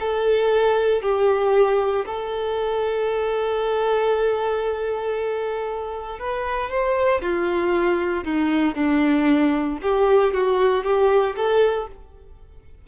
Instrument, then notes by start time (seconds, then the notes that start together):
violin
0.00 A4
1.02 G4
2.05 A4
6.19 B4
6.70 C5
7.21 F4
8.24 D#4
8.75 D4
9.82 G4
10.33 F#4
10.84 G4
11.36 A4